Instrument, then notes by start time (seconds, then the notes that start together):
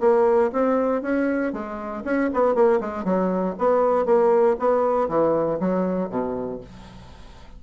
bassoon
0.00 A#3
0.52 C4
1.02 C#4
1.53 G#3
2.04 C#4
2.33 B3
2.54 A#3
2.80 G#3
3.04 F#3
3.58 B3
4.05 A#3
4.59 B3
5.08 E3
5.60 F#3
6.09 B2